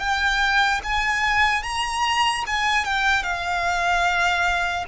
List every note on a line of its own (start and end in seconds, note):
0.00 0.81 G5
0.84 1.64 G#5
1.64 2.45 A#5
2.47 2.85 G#5
2.85 3.23 G5
3.23 4.85 F5